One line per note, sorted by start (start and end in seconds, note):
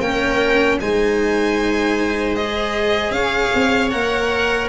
0.00 0.78 A#3
0.00 0.81 C#4
0.00 0.81 A#4
0.00 0.78 G5
0.80 3.11 G#3
0.80 2.36 D#4
0.80 3.14 C5
0.80 2.35 G#5
2.35 3.92 G#4
2.35 3.12 D#5
3.11 3.50 C#4
3.11 4.69 C#5
3.11 3.89 F5
3.54 3.93 C4
3.90 4.69 A#3
3.90 4.69 A#4
3.90 4.68 F#5